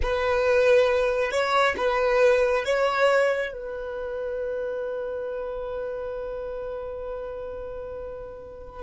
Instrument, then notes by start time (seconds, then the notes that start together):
violin
0.02 B4
1.31 C#5
1.77 B4
2.65 C#5
3.53 B4